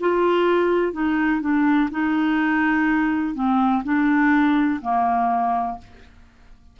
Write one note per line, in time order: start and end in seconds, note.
0.00 0.92 F4
0.92 1.41 D#4
1.41 1.89 D4
1.91 3.34 D#4
3.34 3.83 C4
3.84 4.80 D4
4.81 5.78 A#3